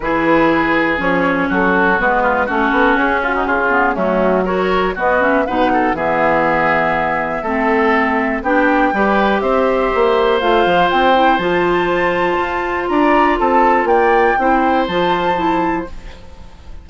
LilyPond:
<<
  \new Staff \with { instrumentName = "flute" } { \time 4/4 \tempo 4 = 121 b'2 cis''4 a'4 | b'4 a'4 gis'8 fis'8 gis'4 | fis'4 cis''4 dis''8 e''8 fis''4 | e''1~ |
e''4 g''2 e''4~ | e''4 f''4 g''4 a''4~ | a''2 ais''4 a''4 | g''2 a''2 | }
  \new Staff \with { instrumentName = "oboe" } { \time 4/4 gis'2. fis'4~ | fis'8 f'8 fis'4. f'16 dis'16 f'4 | cis'4 ais'4 fis'4 b'8 a'8 | gis'2. a'4~ |
a'4 g'4 b'4 c''4~ | c''1~ | c''2 d''4 a'4 | d''4 c''2. | }
  \new Staff \with { instrumentName = "clarinet" } { \time 4/4 e'2 cis'2 | b4 cis'2~ cis'8 b8 | a4 fis'4 b8 cis'8 dis'4 | b2. c'4~ |
c'4 d'4 g'2~ | g'4 f'4. e'8 f'4~ | f'1~ | f'4 e'4 f'4 e'4 | }
  \new Staff \with { instrumentName = "bassoon" } { \time 4/4 e2 f4 fis4 | gis4 a8 b8 cis'4 cis4 | fis2 b4 b,4 | e2. a4~ |
a4 b4 g4 c'4 | ais4 a8 f8 c'4 f4~ | f4 f'4 d'4 c'4 | ais4 c'4 f2 | }
>>